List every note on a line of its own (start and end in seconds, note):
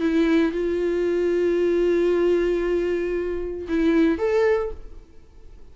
0.00 0.51 E4
0.51 3.67 F4
3.68 4.18 E4
4.18 4.71 A4